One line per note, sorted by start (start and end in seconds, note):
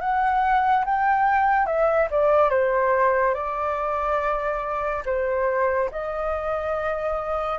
0.00 0.85 F#5
0.85 1.66 G5
1.66 2.08 E5
2.10 2.50 D5
2.50 3.34 C5
3.34 5.03 D5
5.05 5.90 C5
5.91 7.59 D#5